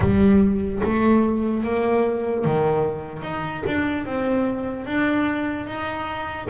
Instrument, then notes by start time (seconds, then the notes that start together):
double bass
0.00 G3
0.83 A3
1.63 A#3
2.45 D#3
3.22 D#4
3.66 D4
4.05 C4
4.86 D4
5.66 D#4